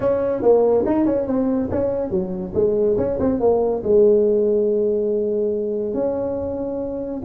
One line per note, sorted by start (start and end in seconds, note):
0.00 0.42 C#4
0.42 0.84 A#3
0.85 1.05 D#4
1.05 1.26 C#4
1.26 1.69 C4
1.70 2.10 C#4
2.10 2.53 F#3
2.54 2.96 G#3
2.97 3.18 C#4
3.19 3.39 C4
3.39 3.82 A#3
3.83 5.94 G#3
5.94 7.21 C#4